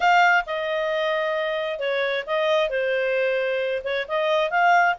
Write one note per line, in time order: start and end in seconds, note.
0.00 0.44 F5
0.46 1.79 D#5
1.79 2.24 C#5
2.26 2.69 D#5
2.69 3.82 C5
3.84 4.06 C#5
4.07 4.50 D#5
4.50 4.95 F5